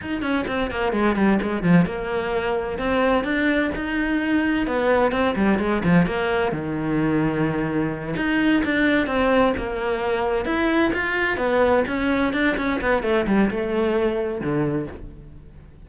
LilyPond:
\new Staff \with { instrumentName = "cello" } { \time 4/4 \tempo 4 = 129 dis'8 cis'8 c'8 ais8 gis8 g8 gis8 f8 | ais2 c'4 d'4 | dis'2 b4 c'8 g8 | gis8 f8 ais4 dis2~ |
dis4. dis'4 d'4 c'8~ | c'8 ais2 e'4 f'8~ | f'8 b4 cis'4 d'8 cis'8 b8 | a8 g8 a2 d4 | }